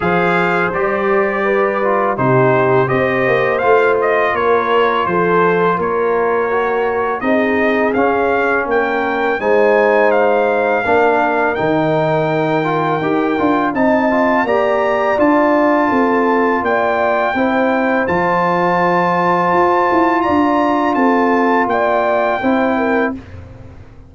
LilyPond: <<
  \new Staff \with { instrumentName = "trumpet" } { \time 4/4 \tempo 4 = 83 f''4 d''2 c''4 | dis''4 f''8 dis''8 cis''4 c''4 | cis''2 dis''4 f''4 | g''4 gis''4 f''2 |
g''2. a''4 | ais''4 a''2 g''4~ | g''4 a''2. | ais''4 a''4 g''2 | }
  \new Staff \with { instrumentName = "horn" } { \time 4/4 c''2 b'4 g'4 | c''2 ais'4 a'4 | ais'2 gis'2 | ais'4 c''2 ais'4~ |
ais'2. dis''4 | d''2 a'4 d''4 | c''1 | d''4 a'4 d''4 c''8 ais'8 | }
  \new Staff \with { instrumentName = "trombone" } { \time 4/4 gis'4 g'4. f'8 dis'4 | g'4 f'2.~ | f'4 fis'4 dis'4 cis'4~ | cis'4 dis'2 d'4 |
dis'4. f'8 g'8 f'8 dis'8 f'8 | g'4 f'2. | e'4 f'2.~ | f'2. e'4 | }
  \new Staff \with { instrumentName = "tuba" } { \time 4/4 f4 g2 c4 | c'8 ais8 a4 ais4 f4 | ais2 c'4 cis'4 | ais4 gis2 ais4 |
dis2 dis'8 d'8 c'4 | ais4 d'4 c'4 ais4 | c'4 f2 f'8 e'8 | d'4 c'4 ais4 c'4 | }
>>